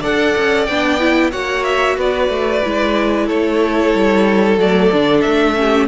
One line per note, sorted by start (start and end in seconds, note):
0.00 0.36 D4
0.00 0.68 A4
0.00 1.30 D5
0.00 0.65 F#5
0.37 0.68 C#4
0.65 1.33 B3
0.65 0.99 D4
0.65 1.31 G5
0.99 1.31 E4
1.31 1.97 A#3
1.31 2.62 F#4
1.31 1.96 C#5
1.31 1.64 F#5
1.64 1.96 E5
1.97 2.29 B3
1.97 3.26 B4
1.97 3.28 D5
2.29 2.62 A3
2.64 3.29 G#3
2.64 4.59 E4
3.26 3.94 A3
3.26 5.54 A4
3.26 4.59 C#5
3.94 4.57 G3
4.57 4.90 F#3
4.57 4.92 A3
4.57 5.21 D5
4.93 5.25 D3
4.93 5.55 D4
5.21 5.88 A3
5.21 5.86 E5
5.55 5.88 C#4
5.55 5.88 G4